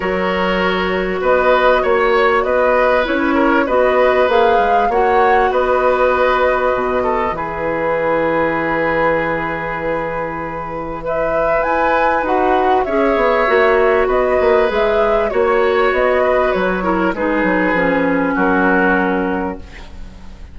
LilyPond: <<
  \new Staff \with { instrumentName = "flute" } { \time 4/4 \tempo 4 = 98 cis''2 dis''4 cis''4 | dis''4 cis''4 dis''4 f''4 | fis''4 dis''2. | b'1~ |
b'2 e''4 gis''4 | fis''4 e''2 dis''4 | e''4 cis''4 dis''4 cis''4 | b'2 ais'2 | }
  \new Staff \with { instrumentName = "oboe" } { \time 4/4 ais'2 b'4 cis''4 | b'4. ais'8 b'2 | cis''4 b'2~ b'8 a'8 | gis'1~ |
gis'2 b'2~ | b'4 cis''2 b'4~ | b'4 cis''4. b'4 ais'8 | gis'2 fis'2 | }
  \new Staff \with { instrumentName = "clarinet" } { \time 4/4 fis'1~ | fis'4 e'4 fis'4 gis'4 | fis'1 | e'1~ |
e'1 | fis'4 gis'4 fis'2 | gis'4 fis'2~ fis'8 e'8 | dis'4 cis'2. | }
  \new Staff \with { instrumentName = "bassoon" } { \time 4/4 fis2 b4 ais4 | b4 cis'4 b4 ais8 gis8 | ais4 b2 b,4 | e1~ |
e2. e'4 | dis'4 cis'8 b8 ais4 b8 ais8 | gis4 ais4 b4 fis4 | gis8 fis8 f4 fis2 | }
>>